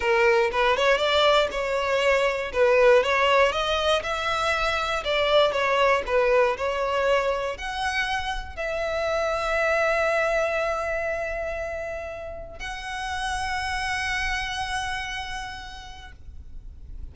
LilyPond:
\new Staff \with { instrumentName = "violin" } { \time 4/4 \tempo 4 = 119 ais'4 b'8 cis''8 d''4 cis''4~ | cis''4 b'4 cis''4 dis''4 | e''2 d''4 cis''4 | b'4 cis''2 fis''4~ |
fis''4 e''2.~ | e''1~ | e''4 fis''2.~ | fis''1 | }